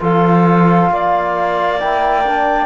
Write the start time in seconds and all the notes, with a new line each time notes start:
0.00 F3 F4 A4 F5
0.90 A#3 D5
1.79 E4 G5
2.26 D4